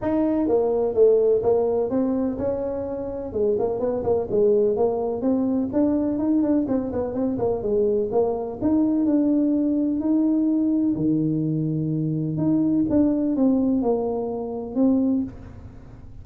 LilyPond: \new Staff \with { instrumentName = "tuba" } { \time 4/4 \tempo 4 = 126 dis'4 ais4 a4 ais4 | c'4 cis'2 gis8 ais8 | b8 ais8 gis4 ais4 c'4 | d'4 dis'8 d'8 c'8 b8 c'8 ais8 |
gis4 ais4 dis'4 d'4~ | d'4 dis'2 dis4~ | dis2 dis'4 d'4 | c'4 ais2 c'4 | }